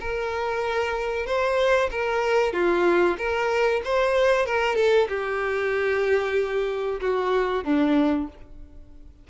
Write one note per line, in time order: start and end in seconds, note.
0.00 1.26 A#4
1.26 1.90 C5
1.91 2.53 A#4
2.53 3.17 F4
3.18 3.82 A#4
3.85 4.46 C5
4.46 4.76 A#4
4.76 5.08 A4
5.09 7.00 G4
7.01 7.64 F#4
7.64 8.28 D4